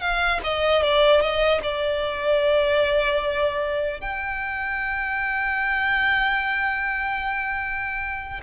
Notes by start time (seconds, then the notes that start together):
0.00 F5
0.43 D#5
0.82 D5
1.20 D#5
1.63 D5
4.00 G5